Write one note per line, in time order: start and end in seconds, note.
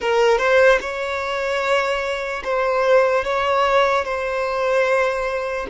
0.00 0.38 A#4
0.38 0.78 C5
0.80 2.43 C#5
2.44 3.24 C5
3.24 4.04 C#5
4.04 5.66 C5